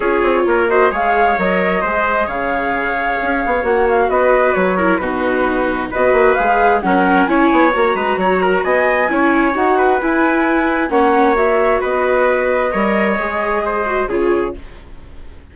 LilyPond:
<<
  \new Staff \with { instrumentName = "flute" } { \time 4/4 \tempo 4 = 132 cis''4. dis''8 f''4 dis''4~ | dis''4 f''2. | fis''8 f''8 dis''4 cis''4 b'4~ | b'4 dis''4 f''4 fis''4 |
gis''4 ais''2 gis''4~ | gis''4 fis''4 gis''2 | fis''4 e''4 dis''2~ | dis''2. cis''4 | }
  \new Staff \with { instrumentName = "trumpet" } { \time 4/4 gis'4 ais'8 c''8 cis''2 | c''4 cis''2.~ | cis''4 b'4. ais'8 fis'4~ | fis'4 b'2 ais'4 |
cis''4. b'8 cis''8 ais'8 dis''4 | cis''4. b'2~ b'8 | cis''2 b'2 | cis''2 c''4 gis'4 | }
  \new Staff \with { instrumentName = "viola" } { \time 4/4 f'4. fis'8 gis'4 ais'4 | gis'1 | fis'2~ fis'8 e'8 dis'4~ | dis'4 fis'4 gis'4 cis'4 |
e'4 fis'2. | e'4 fis'4 e'2 | cis'4 fis'2. | ais'4 gis'4. fis'8 f'4 | }
  \new Staff \with { instrumentName = "bassoon" } { \time 4/4 cis'8 c'8 ais4 gis4 fis4 | gis4 cis2 cis'8 b8 | ais4 b4 fis4 b,4~ | b,4 b8 ais8 gis4 fis4 |
cis'8 b8 ais8 gis8 fis4 b4 | cis'4 dis'4 e'2 | ais2 b2 | g4 gis2 cis4 | }
>>